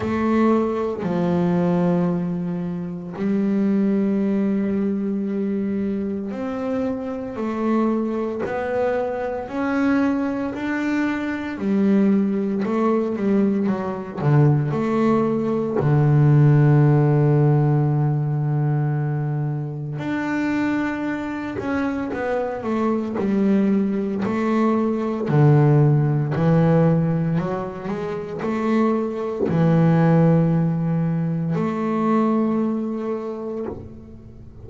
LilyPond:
\new Staff \with { instrumentName = "double bass" } { \time 4/4 \tempo 4 = 57 a4 f2 g4~ | g2 c'4 a4 | b4 cis'4 d'4 g4 | a8 g8 fis8 d8 a4 d4~ |
d2. d'4~ | d'8 cis'8 b8 a8 g4 a4 | d4 e4 fis8 gis8 a4 | e2 a2 | }